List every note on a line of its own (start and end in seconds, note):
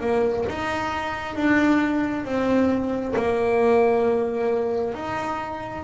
0.00 0.45 A#3
0.48 1.35 D#4
1.35 2.24 D4
2.24 3.14 C4
3.15 4.94 A#3
4.94 5.84 D#4